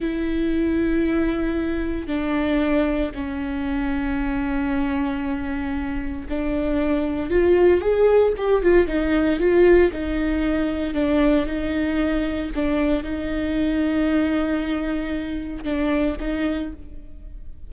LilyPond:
\new Staff \with { instrumentName = "viola" } { \time 4/4 \tempo 4 = 115 e'1 | d'2 cis'2~ | cis'1 | d'2 f'4 gis'4 |
g'8 f'8 dis'4 f'4 dis'4~ | dis'4 d'4 dis'2 | d'4 dis'2.~ | dis'2 d'4 dis'4 | }